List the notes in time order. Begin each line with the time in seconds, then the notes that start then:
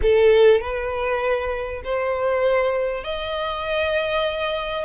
0.02 A4
0.60 B4
1.84 C5
3.03 D#5